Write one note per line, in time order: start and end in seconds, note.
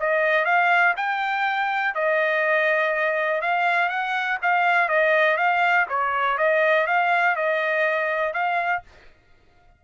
0.00 0.45 D#5
0.45 0.94 F5
0.97 1.95 G5
1.95 3.42 D#5
3.42 3.89 F5
3.89 4.38 F#5
4.42 4.89 F5
4.89 5.37 D#5
5.37 5.86 F5
5.89 6.38 C#5
6.38 6.87 D#5
6.87 7.36 F5
7.36 8.34 D#5
8.34 8.83 F5